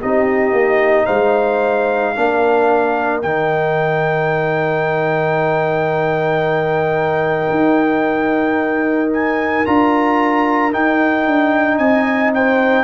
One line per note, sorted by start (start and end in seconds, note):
0.00 0.52 C4
0.00 2.15 D#4
0.00 1.05 G4
0.00 1.05 D#5
0.52 1.06 A#3
1.05 2.15 G#3
1.05 2.12 C5
1.05 3.20 F5
2.15 3.23 A#3
2.15 3.22 D4
2.15 11.79 A#4
3.22 7.50 D#3
3.22 9.65 D#4
3.22 9.11 G5
7.50 9.64 D#4
9.12 9.65 G#5
9.65 10.73 D4
9.65 10.72 F4
9.65 10.73 A#5
10.72 12.83 D#4
10.72 11.26 D#4
10.72 11.77 G5
11.26 11.78 D4
11.77 12.83 C4
11.77 12.33 D#5
11.77 12.31 G#5
12.34 12.83 C5
12.34 12.83 G5